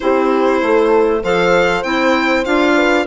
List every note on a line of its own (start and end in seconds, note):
0.00 0.62 C4
0.00 1.21 E4
0.00 0.63 G4
0.00 1.22 C5
0.62 1.23 A3
0.62 1.23 A4
1.23 1.83 F3
1.23 1.84 A4
1.23 2.74 C5
1.23 1.83 F5
1.83 2.45 C4
1.83 2.44 E4
1.83 2.44 G5
2.44 3.06 D4
2.44 3.05 F4
2.44 3.06 F5
2.74 3.04 B4